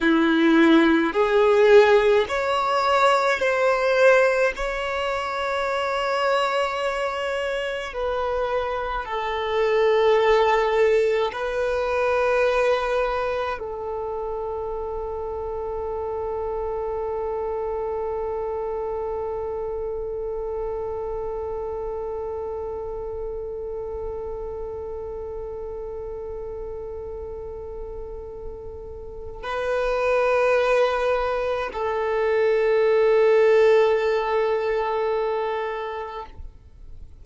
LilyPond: \new Staff \with { instrumentName = "violin" } { \time 4/4 \tempo 4 = 53 e'4 gis'4 cis''4 c''4 | cis''2. b'4 | a'2 b'2 | a'1~ |
a'1~ | a'1~ | a'2 b'2 | a'1 | }